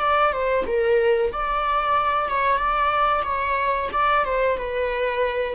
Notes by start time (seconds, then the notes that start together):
0.00 D5
0.32 C5
0.67 A#4
1.32 D5
2.29 C#5
2.58 D5
3.24 C#5
3.92 D5
4.25 C5
4.58 B4